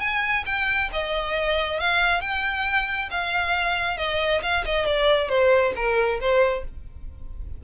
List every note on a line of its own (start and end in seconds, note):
0.00 0.44 G#5
0.46 0.90 G5
0.93 1.80 D#5
1.80 2.21 F5
2.21 3.09 G5
3.11 3.97 F5
3.97 4.41 D#5
4.43 4.65 F5
4.65 4.86 D#5
4.86 5.29 D5
5.29 5.73 C5
5.76 6.20 A#4
6.20 6.64 C5